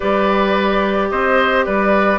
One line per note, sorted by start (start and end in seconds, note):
0.00 1.11 G3
0.00 2.19 G4
0.00 1.08 B4
0.00 1.09 D5
1.09 1.66 C4
1.09 1.65 C5
1.09 1.64 D#5
1.65 2.19 G3
1.65 2.19 B4
1.65 2.19 D5